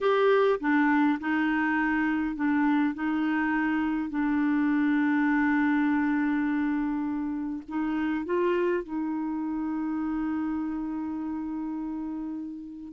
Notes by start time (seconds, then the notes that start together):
0.00 G4
0.59 D4
1.20 D#4
2.35 D4
2.94 D#4
4.10 D4
7.68 D#4
8.25 F4
8.83 D#4